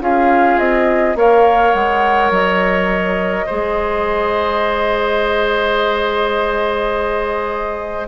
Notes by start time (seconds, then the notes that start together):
0.00 C#4 F4 G#4 F5
0.58 C4 D#5
1.15 A#3 A#4 C#5 F5
1.73 G#3 F#5
2.30 F#3 D#5
3.46 G#3 G#4 C5